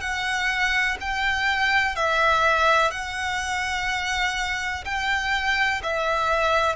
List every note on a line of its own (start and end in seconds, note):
0.00 0.97 F#5
1.00 1.95 G5
1.95 2.91 E5
2.91 4.84 F#5
4.84 5.81 G5
5.83 6.75 E5